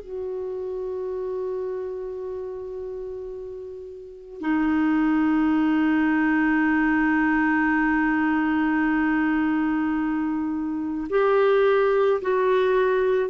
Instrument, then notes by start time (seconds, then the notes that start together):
clarinet
0.00 F#4
4.40 D#4
11.10 G4
12.21 F#4